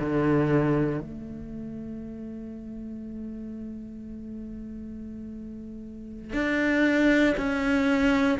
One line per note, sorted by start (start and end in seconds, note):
0.00 1.01 D3
1.01 6.33 A3
6.33 7.35 D4
7.37 8.39 C#4